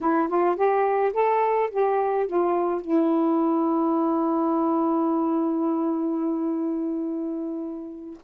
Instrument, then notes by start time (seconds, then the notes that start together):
saxophone
0.01 E4
0.28 F4
0.56 G4
1.13 A4
1.71 G4
2.26 F4
2.81 E4